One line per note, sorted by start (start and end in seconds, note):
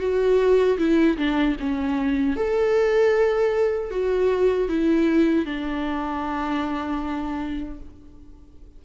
0.00 0.78 F#4
0.78 1.17 E4
1.18 1.57 D4
1.60 2.36 C#4
2.36 3.91 A4
3.91 4.69 F#4
4.69 5.45 E4
5.45 7.79 D4